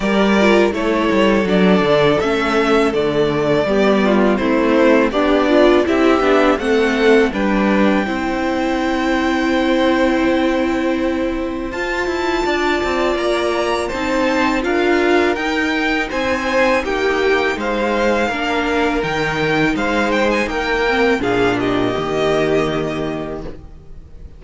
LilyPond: <<
  \new Staff \with { instrumentName = "violin" } { \time 4/4 \tempo 4 = 82 d''4 cis''4 d''4 e''4 | d''2 c''4 d''4 | e''4 fis''4 g''2~ | g''1 |
a''2 ais''4 a''4 | f''4 g''4 gis''4 g''4 | f''2 g''4 f''8 g''16 gis''16 | g''4 f''8 dis''2~ dis''8 | }
  \new Staff \with { instrumentName = "violin" } { \time 4/4 ais'4 a'2.~ | a'4 g'8 f'8 e'4 d'4 | g'4 a'4 b'4 c''4~ | c''1~ |
c''4 d''2 c''4 | ais'2 c''4 g'4 | c''4 ais'2 c''4 | ais'4 gis'8 g'2~ g'8 | }
  \new Staff \with { instrumentName = "viola" } { \time 4/4 g'8 f'8 e'4 d'4 cis'4 | a4 b4 c'4 g'8 f'8 | e'8 d'8 c'4 d'4 e'4~ | e'1 |
f'2. dis'4 | f'4 dis'2.~ | dis'4 d'4 dis'2~ | dis'8 c'8 d'4 ais2 | }
  \new Staff \with { instrumentName = "cello" } { \time 4/4 g4 a8 g8 fis8 d8 a4 | d4 g4 a4 b4 | c'8 b8 a4 g4 c'4~ | c'1 |
f'8 e'8 d'8 c'8 ais4 c'4 | d'4 dis'4 c'4 ais4 | gis4 ais4 dis4 gis4 | ais4 ais,4 dis2 | }
>>